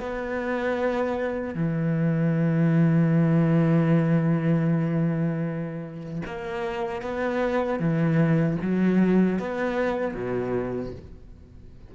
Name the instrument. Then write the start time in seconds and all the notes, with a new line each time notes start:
cello
0.00 B3
1.55 E3
6.26 A#3
7.02 B3
7.80 E3
8.62 F#3
9.39 B3
10.14 B2